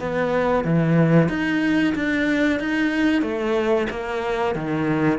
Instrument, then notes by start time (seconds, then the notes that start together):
cello
0.00 B3
0.65 E3
1.29 D#4
1.95 D4
2.60 D#4
3.22 A3
3.90 A#3
4.55 D#3